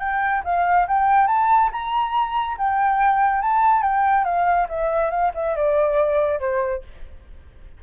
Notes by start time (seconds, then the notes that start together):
0.00 G5
0.45 F5
0.88 G5
1.28 A5
1.72 A#5
2.58 G5
3.42 A5
3.83 G5
4.25 F5
4.69 E5
5.11 F5
5.35 E5
5.56 D5
6.40 C5